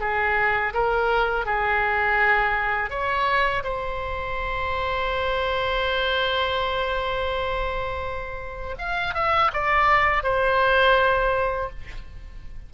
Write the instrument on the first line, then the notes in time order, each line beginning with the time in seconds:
oboe
0.00 G#4
0.74 A#4
1.46 G#4
2.90 C#5
3.64 C5
8.78 F5
9.15 E5
9.54 D5
10.23 C5